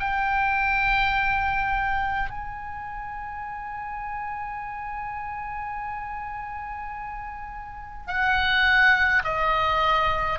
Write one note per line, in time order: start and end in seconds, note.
0.00 2.31 G5
2.31 8.08 G#5
8.08 9.23 F#5
9.24 10.40 D#5